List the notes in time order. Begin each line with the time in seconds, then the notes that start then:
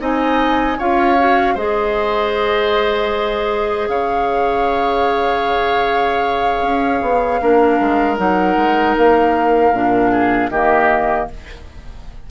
0.00 C4 D#4 D#5 G#5
0.78 C#4 F4 C#5 F5
1.19 F#4
1.55 G#3 G#4 C5 D#5
3.88 C#3 C#5 F5
6.62 C#4
7.02 B3
7.41 A#3 D4 A#4
7.80 G#3
8.17 F#3 D#4 F#5
8.57 G#3
8.97 A#3 F5
9.73 A#2 D4
10.11 G#4
10.50 D#3 A#3 G4 D#5